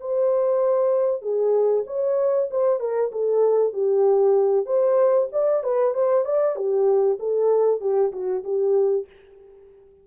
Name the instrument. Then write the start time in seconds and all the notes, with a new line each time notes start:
horn
0.00 C5
1.21 G#4
1.86 C#5
2.50 C5
2.80 A#4
3.12 A4
3.73 G4
4.65 C5
5.32 D5
5.63 B4
5.94 C5
6.25 D5
6.55 G4
7.19 A4
7.80 G4
8.12 F#4
8.43 G4